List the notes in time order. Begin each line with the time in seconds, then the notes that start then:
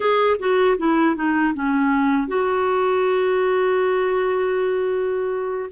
0.00 G#4
0.39 F#4
0.77 E4
1.15 D#4
1.54 C#4
2.28 F#4